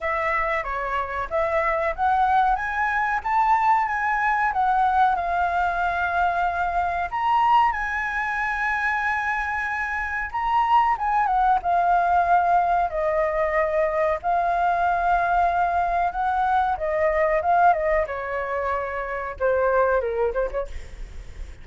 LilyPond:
\new Staff \with { instrumentName = "flute" } { \time 4/4 \tempo 4 = 93 e''4 cis''4 e''4 fis''4 | gis''4 a''4 gis''4 fis''4 | f''2. ais''4 | gis''1 |
ais''4 gis''8 fis''8 f''2 | dis''2 f''2~ | f''4 fis''4 dis''4 f''8 dis''8 | cis''2 c''4 ais'8 c''16 cis''16 | }